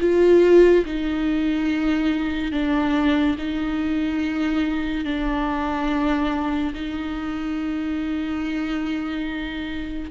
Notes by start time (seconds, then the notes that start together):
0.00 F4
0.85 D#4
2.52 D4
3.38 D#4
5.04 D4
6.74 D#4